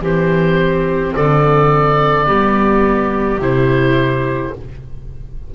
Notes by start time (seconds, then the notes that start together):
0.00 E3 C4 G4 C5
1.15 D3 A4 D5
2.25 G3 B3 G4
3.37 C3 E4 C5